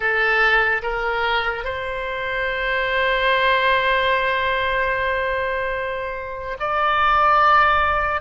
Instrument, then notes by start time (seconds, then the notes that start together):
oboe
0.00 A4
0.82 A#4
1.64 C5
6.59 D5